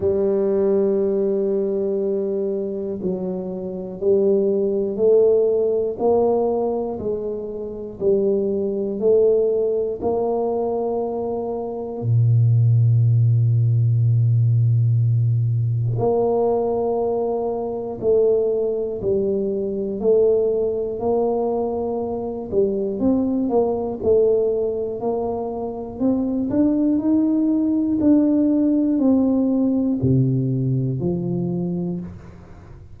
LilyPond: \new Staff \with { instrumentName = "tuba" } { \time 4/4 \tempo 4 = 60 g2. fis4 | g4 a4 ais4 gis4 | g4 a4 ais2 | ais,1 |
ais2 a4 g4 | a4 ais4. g8 c'8 ais8 | a4 ais4 c'8 d'8 dis'4 | d'4 c'4 c4 f4 | }